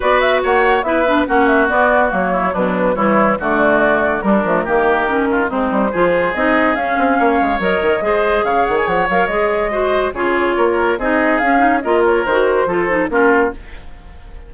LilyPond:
<<
  \new Staff \with { instrumentName = "flute" } { \time 4/4 \tempo 4 = 142 d''8 e''8 fis''4 e''4 fis''8 e''8 | d''4 cis''4 b'4 cis''4 | d''2 ais'2~ | ais'4 c''2 dis''4 |
f''2 dis''2 | f''8 fis''16 gis''16 fis''8 f''8 dis''2 | cis''2 dis''4 f''4 | dis''8 cis''8 c''2 ais'4 | }
  \new Staff \with { instrumentName = "oboe" } { \time 4/4 b'4 cis''4 b'4 fis'4~ | fis'4. e'8 d'4 e'4 | fis'2 d'4 g'4~ | g'8 f'8 dis'4 gis'2~ |
gis'4 cis''2 c''4 | cis''2. c''4 | gis'4 ais'4 gis'2 | ais'2 a'4 f'4 | }
  \new Staff \with { instrumentName = "clarinet" } { \time 4/4 fis'2 e'8 d'8 cis'4 | b4 ais4 fis4 g4 | a2 g8 a8 ais4 | cis'4 c'4 f'4 dis'4 |
cis'2 ais'4 gis'4~ | gis'4. ais'8 gis'4 fis'4 | f'2 dis'4 cis'8 dis'8 | f'4 fis'4 f'8 dis'8 cis'4 | }
  \new Staff \with { instrumentName = "bassoon" } { \time 4/4 b4 ais4 b4 ais4 | b4 fis4 b,4 e4 | d2 g8 f8 dis4~ | dis4 gis8 g8 f4 c'4 |
cis'8 c'8 ais8 gis8 fis8 dis8 gis4 | cis8 dis8 f8 fis8 gis2 | cis4 ais4 c'4 cis'4 | ais4 dis4 f4 ais4 | }
>>